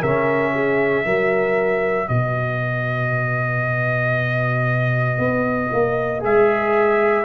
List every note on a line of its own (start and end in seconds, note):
0.00 1.05 C#3
0.00 1.05 C#4
0.00 0.52 A#4
0.00 2.08 E5
0.54 1.05 G#4
1.05 2.09 F#3
1.05 6.20 F#4
1.05 2.08 A#4
2.08 5.18 B2
2.08 7.25 B4
2.08 6.22 D#5
5.18 5.70 B3
5.72 6.23 A#3
6.20 7.25 G#3
6.20 7.23 G#4
6.20 7.25 E5